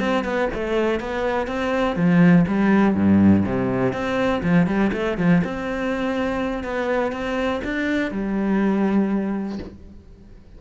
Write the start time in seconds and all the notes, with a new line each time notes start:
0.00 C4
0.24 B3
0.54 A3
1.00 B3
1.47 C4
1.96 F3
2.48 G3
2.95 G2
3.45 C3
3.93 C4
4.43 F3
4.67 G3
4.93 A3
5.18 F3
5.44 C4
6.64 B3
7.12 C4
7.64 D4
8.11 G3